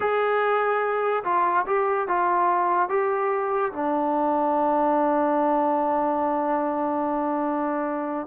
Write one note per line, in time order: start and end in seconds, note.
0.00 1.23 G#4
1.24 1.65 F4
1.66 2.07 G4
2.08 2.89 F4
2.89 3.72 G4
3.72 8.27 D4